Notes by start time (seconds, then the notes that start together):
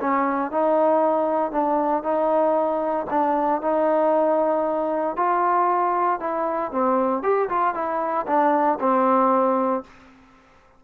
0.00 C#4
0.51 D#4
1.51 D4
2.03 D#4
3.10 D4
3.61 D#4
5.16 F4
6.20 E4
6.71 C4
7.23 G4
7.49 F4
7.74 E4
8.27 D4
8.80 C4